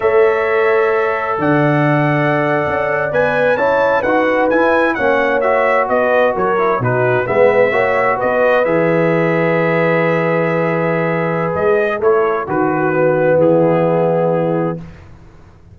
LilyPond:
<<
  \new Staff \with { instrumentName = "trumpet" } { \time 4/4 \tempo 4 = 130 e''2. fis''4~ | fis''2~ fis''8. gis''4 a''16~ | a''8. fis''4 gis''4 fis''4 e''16~ | e''8. dis''4 cis''4 b'4 e''16~ |
e''4.~ e''16 dis''4 e''4~ e''16~ | e''1~ | e''4 dis''4 cis''4 b'4~ | b'4 gis'2. | }
  \new Staff \with { instrumentName = "horn" } { \time 4/4 cis''2. d''4~ | d''2.~ d''8. cis''16~ | cis''8. b'2 cis''4~ cis''16~ | cis''8. b'4 ais'4 fis'4 b'16~ |
b'8. cis''4 b'2~ b'16~ | b'1~ | b'2 a'4 fis'4~ | fis'4 e'2. | }
  \new Staff \with { instrumentName = "trombone" } { \time 4/4 a'1~ | a'2~ a'8. b'4 e'16~ | e'8. fis'4 e'4 cis'4 fis'16~ | fis'2~ fis'16 e'8 dis'4 b16~ |
b8. fis'2 gis'4~ gis'16~ | gis'1~ | gis'2 e'4 fis'4 | b1 | }
  \new Staff \with { instrumentName = "tuba" } { \time 4/4 a2. d4~ | d4.~ d16 cis'4 b4 cis'16~ | cis'8. dis'4 e'4 ais4~ ais16~ | ais8. b4 fis4 b,4 gis16~ |
gis8. ais4 b4 e4~ e16~ | e1~ | e4 gis4 a4 dis4~ | dis4 e2. | }
>>